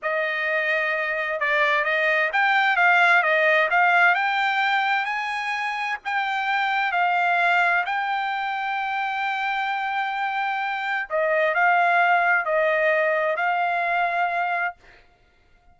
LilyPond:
\new Staff \with { instrumentName = "trumpet" } { \time 4/4 \tempo 4 = 130 dis''2. d''4 | dis''4 g''4 f''4 dis''4 | f''4 g''2 gis''4~ | gis''4 g''2 f''4~ |
f''4 g''2.~ | g''1 | dis''4 f''2 dis''4~ | dis''4 f''2. | }